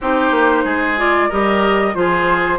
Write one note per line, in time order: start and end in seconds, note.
0.01 0.31 C4
0.01 0.97 D#4
0.01 0.64 G4
0.01 0.99 C5
0.31 0.63 A#3
0.64 1.29 G#3
0.64 1.29 G#4
0.97 1.30 F4
0.97 1.31 D5
1.29 1.95 G3
1.29 1.93 G4
1.29 1.94 A#4
1.29 1.94 D#5
1.93 2.59 F3
1.93 2.59 F4
1.93 2.59 G#4
1.93 2.59 C5